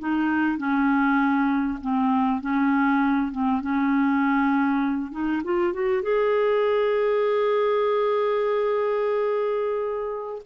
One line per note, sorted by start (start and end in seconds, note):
0.00 0.58 D#4
0.58 1.79 C#4
1.82 2.41 C4
2.41 3.32 C#4
3.32 3.62 C4
3.62 5.12 C#4
5.12 5.42 D#4
5.45 5.74 F4
5.74 6.03 F#4
6.03 10.42 G#4